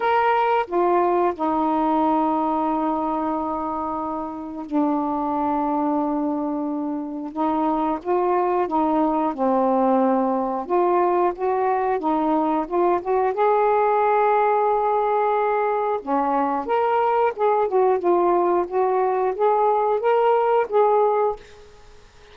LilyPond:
\new Staff \with { instrumentName = "saxophone" } { \time 4/4 \tempo 4 = 90 ais'4 f'4 dis'2~ | dis'2. d'4~ | d'2. dis'4 | f'4 dis'4 c'2 |
f'4 fis'4 dis'4 f'8 fis'8 | gis'1 | cis'4 ais'4 gis'8 fis'8 f'4 | fis'4 gis'4 ais'4 gis'4 | }